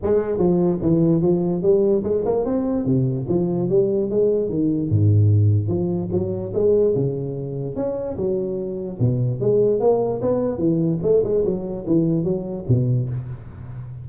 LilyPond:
\new Staff \with { instrumentName = "tuba" } { \time 4/4 \tempo 4 = 147 gis4 f4 e4 f4 | g4 gis8 ais8 c'4 c4 | f4 g4 gis4 dis4 | gis,2 f4 fis4 |
gis4 cis2 cis'4 | fis2 b,4 gis4 | ais4 b4 e4 a8 gis8 | fis4 e4 fis4 b,4 | }